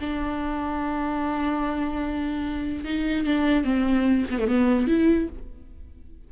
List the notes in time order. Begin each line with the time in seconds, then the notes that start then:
0.00 D4
2.84 D#4
3.25 D4
3.64 C4
4.30 B3
4.39 A3
4.48 B3
4.87 E4